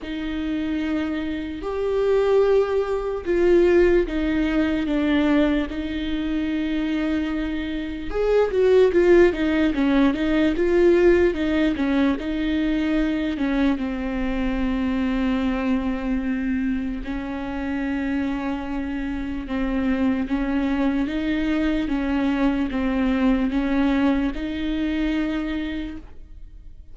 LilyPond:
\new Staff \with { instrumentName = "viola" } { \time 4/4 \tempo 4 = 74 dis'2 g'2 | f'4 dis'4 d'4 dis'4~ | dis'2 gis'8 fis'8 f'8 dis'8 | cis'8 dis'8 f'4 dis'8 cis'8 dis'4~ |
dis'8 cis'8 c'2.~ | c'4 cis'2. | c'4 cis'4 dis'4 cis'4 | c'4 cis'4 dis'2 | }